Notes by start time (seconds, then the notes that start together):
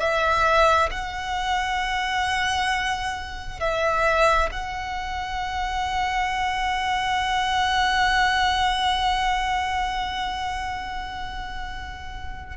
0.00 E5
0.91 F#5
3.60 E5
4.51 F#5